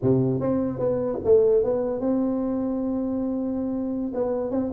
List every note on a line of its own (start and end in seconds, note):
0.02 0.40 C3
0.40 0.79 C4
0.79 1.19 B3
1.24 1.63 A3
1.63 2.00 B3
2.00 4.11 C4
4.14 4.51 B3
4.51 4.71 C4